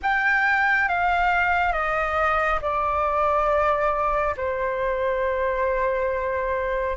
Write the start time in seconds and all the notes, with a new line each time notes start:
0.02 G5
0.88 F5
1.72 D#5
2.61 D5
4.37 C5